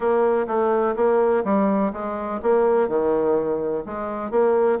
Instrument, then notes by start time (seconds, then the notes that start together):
bassoon
0.00 A#3
0.47 A3
0.96 A#3
1.44 G3
1.92 G#3
2.42 A#3
2.88 D#3
3.85 G#3
4.30 A#3